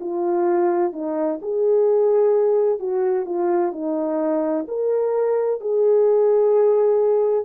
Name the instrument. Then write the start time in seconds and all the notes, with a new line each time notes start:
horn
0.00 F4
0.92 D#4
1.41 G#4
2.79 F#4
3.25 F4
3.72 D#4
4.67 A#4
5.60 G#4